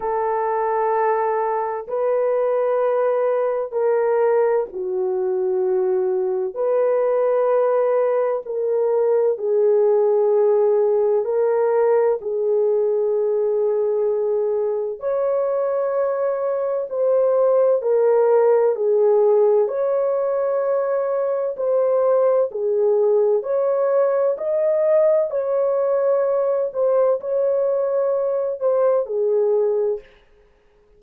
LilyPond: \new Staff \with { instrumentName = "horn" } { \time 4/4 \tempo 4 = 64 a'2 b'2 | ais'4 fis'2 b'4~ | b'4 ais'4 gis'2 | ais'4 gis'2. |
cis''2 c''4 ais'4 | gis'4 cis''2 c''4 | gis'4 cis''4 dis''4 cis''4~ | cis''8 c''8 cis''4. c''8 gis'4 | }